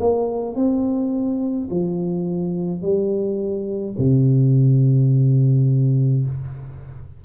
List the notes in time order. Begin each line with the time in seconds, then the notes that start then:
0.00 A#3
0.56 C4
1.70 F3
2.82 G3
3.98 C3